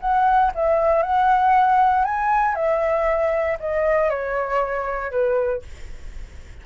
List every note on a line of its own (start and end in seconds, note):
0.00 0.51 F#5
0.55 1.03 E5
1.03 2.05 F#5
2.05 2.55 G#5
2.55 3.58 E5
3.59 4.10 D#5
4.10 5.11 C#5
5.11 5.62 B4